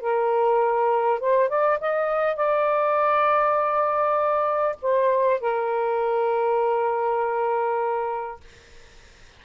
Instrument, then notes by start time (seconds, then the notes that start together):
saxophone
0.00 A#4
1.20 C5
1.48 D5
1.80 D#5
2.36 D5
4.82 C5
5.40 A#4